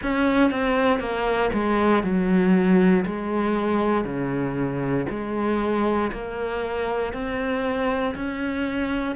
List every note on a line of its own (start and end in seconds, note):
0.02 0.50 C#4
0.50 0.99 C4
0.99 1.50 A#3
1.53 2.03 G#3
2.03 3.05 F#3
3.05 4.04 G#3
4.04 5.06 C#3
5.09 6.11 G#3
6.12 7.13 A#3
7.13 8.14 C4
8.15 9.15 C#4